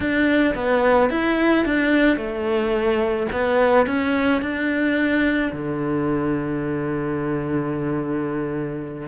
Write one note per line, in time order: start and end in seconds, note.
0.00 0.54 D4
0.54 1.09 B3
1.10 1.65 E4
1.65 2.16 D4
2.16 3.26 A3
3.32 3.86 B3
3.86 4.41 C#4
4.41 5.51 D4
5.52 9.08 D3